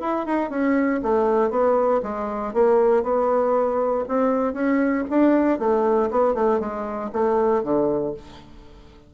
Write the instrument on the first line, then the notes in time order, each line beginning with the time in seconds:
bassoon
0.00 E4
0.26 D#4
0.50 C#4
1.03 A3
1.50 B3
2.02 G#3
2.53 A#3
3.03 B3
4.08 C4
4.53 C#4
5.10 D4
5.59 A3
6.11 B3
6.34 A3
6.60 G#3
7.12 A3
7.63 D3